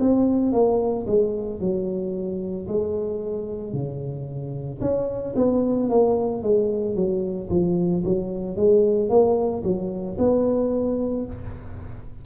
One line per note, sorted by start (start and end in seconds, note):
0.00 0.53 C4
0.53 1.06 A#3
1.07 1.61 G#3
1.61 2.68 F#3
2.68 3.74 G#3
3.74 4.81 C#3
4.82 5.35 C#4
5.36 5.90 B3
5.90 6.43 A#3
6.43 6.96 G#3
6.96 7.50 F#3
7.50 8.04 F3
8.05 8.57 F#3
8.57 9.10 G#3
9.10 9.63 A#3
9.64 10.17 F#3
10.19 11.26 B3